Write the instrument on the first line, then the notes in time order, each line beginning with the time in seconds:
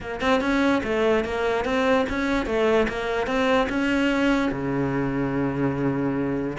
cello
0.00 A#3
0.20 C4
0.41 C#4
0.83 A3
1.24 A#3
1.64 C4
2.09 C#4
2.46 A3
2.88 A#3
3.26 C4
3.69 C#4
4.51 C#3